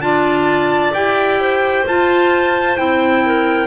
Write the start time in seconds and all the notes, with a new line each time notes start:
0.00 D4 F4 D5 A5
0.93 E4 G4 G5
1.40 C5
1.86 F4 A5
2.76 C4 E4 G5
3.25 A#4